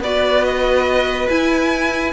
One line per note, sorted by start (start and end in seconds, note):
0.00 1.28 B3
0.00 1.30 F#4
0.00 2.13 B4
0.00 0.44 D5
0.44 1.29 D#5
1.29 2.13 E4
1.29 2.13 G#5